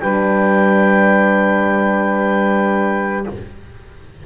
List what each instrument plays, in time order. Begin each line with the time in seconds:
0.00 double bass G3, horn D4, saxophone B4, clarinet G5